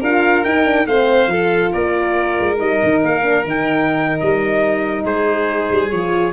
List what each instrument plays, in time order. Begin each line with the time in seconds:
0.00 tuba D4, horn F4, violin A#4, trumpet F5
0.44 tuba D#4, horn D#4, trumpet G5
0.65 horn D4
0.86 tuba A3, horn C4, violin C5, trumpet F5
1.27 tuba F3, horn F4, violin A4
1.72 tuba A#3, violin A#4, trumpet D5
2.40 tuba G#3
2.57 tuba G3, horn D#4, trumpet D#5
2.83 tuba D#3
3.03 tuba A#3, trumpet F5
3.22 horn D4
3.44 tuba D#3, horn D#4, trumpet G5
4.20 tuba G3, trumpet D#5
5.04 tuba G#3, violin G#4, trumpet C5
5.72 tuba G3
5.90 tuba F3, horn F4, trumpet C#5